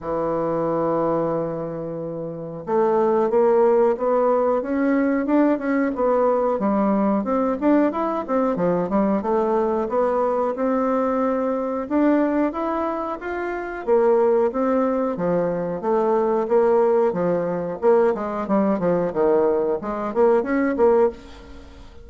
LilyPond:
\new Staff \with { instrumentName = "bassoon" } { \time 4/4 \tempo 4 = 91 e1 | a4 ais4 b4 cis'4 | d'8 cis'8 b4 g4 c'8 d'8 | e'8 c'8 f8 g8 a4 b4 |
c'2 d'4 e'4 | f'4 ais4 c'4 f4 | a4 ais4 f4 ais8 gis8 | g8 f8 dis4 gis8 ais8 cis'8 ais8 | }